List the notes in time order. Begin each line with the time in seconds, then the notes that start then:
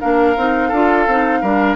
0.00 A#3 D4 A#4 F5
0.36 C4 D#4
0.68 D4 F4 A4
1.07 C4 D#4
1.41 G3 D4 A#4